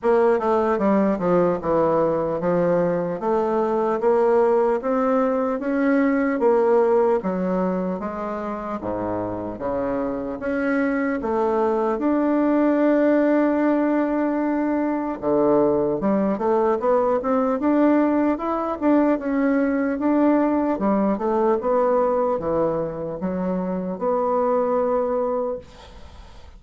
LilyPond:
\new Staff \with { instrumentName = "bassoon" } { \time 4/4 \tempo 4 = 75 ais8 a8 g8 f8 e4 f4 | a4 ais4 c'4 cis'4 | ais4 fis4 gis4 gis,4 | cis4 cis'4 a4 d'4~ |
d'2. d4 | g8 a8 b8 c'8 d'4 e'8 d'8 | cis'4 d'4 g8 a8 b4 | e4 fis4 b2 | }